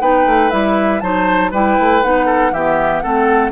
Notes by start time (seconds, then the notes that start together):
0.00 B3 D#4 B4 G5
0.26 A3
0.50 G3 E4 E5
1.00 F#3 D#4 C5 A5
1.51 G3 E4 B4 G5
1.79 A3
2.02 B3 D#4 F#5
2.26 A4
2.52 E3 B3 G4 E5
2.99 A3 C4 A4 F#5